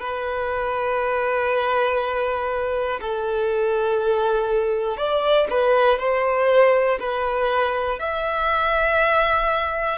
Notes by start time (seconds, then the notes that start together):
0.00 B4
3.00 A4
4.97 D5
5.50 B4
5.99 C5
7.00 B4
7.99 E5